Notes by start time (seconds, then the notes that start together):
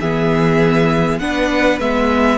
0.00 E3 B3 G#4 E5
1.19 B3 D4 B4 F#5
1.79 G#3 B3 E5